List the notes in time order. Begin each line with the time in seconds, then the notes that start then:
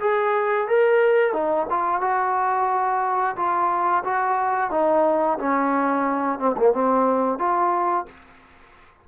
0.00 G#4
0.67 A#4
1.33 D#4
1.70 F4
2.01 F#4
3.36 F4
4.04 F#4
4.70 D#4
5.38 C#4
6.39 C4
6.57 A#3
6.73 C4
7.38 F4